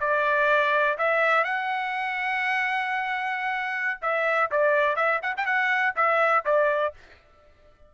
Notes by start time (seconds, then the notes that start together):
0.00 D5
0.98 E5
1.44 F#5
4.02 E5
4.51 D5
4.96 E5
5.22 F#5
5.37 G5
5.45 F#5
5.96 E5
6.45 D5